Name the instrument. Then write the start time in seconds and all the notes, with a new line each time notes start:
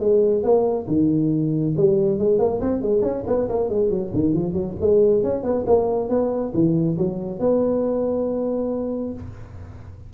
tuba
0.00 G#3
0.43 A#3
0.88 D#3
1.77 G3
2.19 G#3
2.39 A#3
2.61 C4
2.82 G#3
3.03 C#4
3.27 B3
3.49 A#3
3.69 G#3
3.90 F#3
4.14 D#3
4.34 F3
4.54 F#3
4.81 G#3
5.24 C#4
5.43 B3
5.67 A#3
6.10 B3
6.54 E3
6.98 F#3
7.40 B3